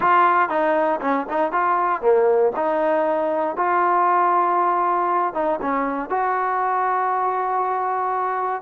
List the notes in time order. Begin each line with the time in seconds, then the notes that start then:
0.00 F4
0.49 D#4
1.00 C#4
1.29 D#4
1.52 F4
2.01 A#3
2.55 D#4
3.56 F4
5.34 D#4
5.61 C#4
6.09 F#4